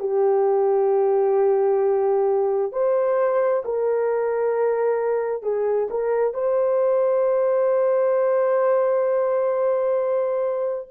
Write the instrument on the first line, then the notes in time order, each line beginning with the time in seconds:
horn
0.00 G4
2.72 C5
3.65 A#4
5.43 G#4
5.90 A#4
6.34 C5